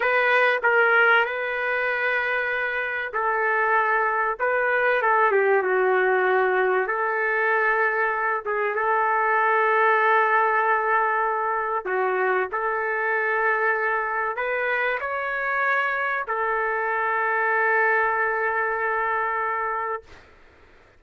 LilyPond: \new Staff \with { instrumentName = "trumpet" } { \time 4/4 \tempo 4 = 96 b'4 ais'4 b'2~ | b'4 a'2 b'4 | a'8 g'8 fis'2 a'4~ | a'4. gis'8 a'2~ |
a'2. fis'4 | a'2. b'4 | cis''2 a'2~ | a'1 | }